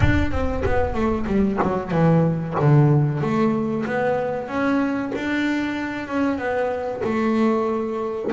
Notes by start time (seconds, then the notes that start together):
0.00 D4
0.31 C4
0.65 B3
0.93 A3
1.26 G3
1.62 F#3
1.91 E3
2.59 D3
3.21 A3
3.86 B3
4.48 C#4
5.15 D4
6.08 C#4
6.37 B3
7.04 A3